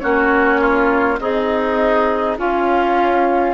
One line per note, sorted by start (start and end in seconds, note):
0.00 1.20 A#3
0.00 1.18 C#4
0.00 0.61 F#4
0.00 1.18 C#5
0.61 1.19 F4
1.20 2.37 C4
1.20 2.38 D#4
1.20 2.38 G#4
1.20 2.37 D#5
2.38 3.53 C#4
2.38 3.53 F4
2.38 3.53 F5